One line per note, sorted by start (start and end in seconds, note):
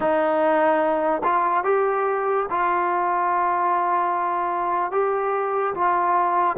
0.00 1.21 D#4
1.23 1.64 F4
1.64 2.46 G4
2.50 4.91 F4
4.91 5.73 G4
5.74 6.56 F4